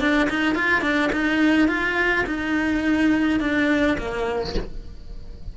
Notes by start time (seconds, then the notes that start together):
0.00 D4
0.30 D#4
0.55 F4
0.82 D4
1.12 D#4
1.68 F4
2.26 D#4
3.40 D4
3.98 A#3